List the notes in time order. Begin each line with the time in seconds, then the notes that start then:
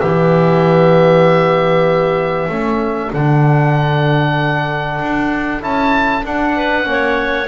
0.00 E3 B3 G4 E5
2.49 A3 C#4 A4
3.13 D3 D4 F#5
5.01 D4
5.60 C#4 E4 A5
6.23 D4 F#5
6.56 B4
6.84 A#3 C#4
6.91 C#5